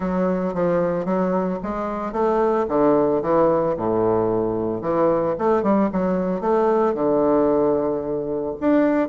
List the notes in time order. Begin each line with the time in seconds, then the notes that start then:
0.00 F#3
0.54 F3
1.05 F#3
1.62 G#3
2.12 A3
2.68 D3
3.21 E3
3.76 A2
4.81 E3
5.38 A3
5.62 G3
5.92 F#3
6.40 A3
6.94 D3
8.60 D4